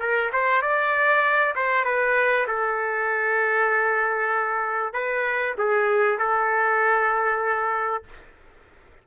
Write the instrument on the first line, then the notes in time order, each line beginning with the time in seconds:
trumpet
0.00 A#4
0.33 C5
0.62 D5
1.56 C5
1.85 B4
2.48 A4
4.94 B4
5.58 G#4
6.19 A4